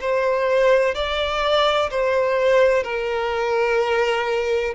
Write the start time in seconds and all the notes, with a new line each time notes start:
0.00 C5
0.94 D5
1.90 C5
2.83 A#4